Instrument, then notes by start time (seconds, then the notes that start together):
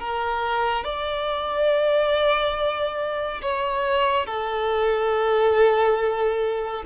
violin
0.00 A#4
0.85 D5
3.42 C#5
4.27 A4